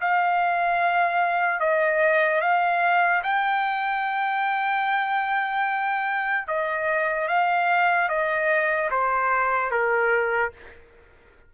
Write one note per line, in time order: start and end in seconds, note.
0.00 1.60 F5
1.60 2.41 D#5
2.41 3.22 F5
3.23 6.47 G5
6.47 7.28 D#5
7.28 8.08 F5
8.08 8.89 D#5
8.90 9.70 C5
9.70 10.51 A#4